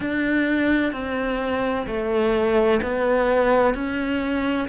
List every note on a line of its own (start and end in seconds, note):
0.00 0.92 D4
0.92 1.86 C4
1.87 2.80 A3
2.82 3.74 B3
3.74 4.68 C#4